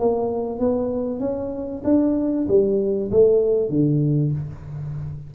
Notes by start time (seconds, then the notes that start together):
0.00 A#3
0.60 B3
1.20 C#4
1.85 D4
2.48 G3
3.12 A3
3.70 D3